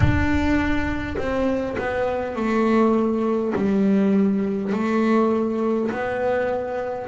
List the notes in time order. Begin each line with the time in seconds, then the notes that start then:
0.00 D4
1.17 C4
1.78 B3
2.35 A3
3.56 G3
4.73 A3
5.91 B3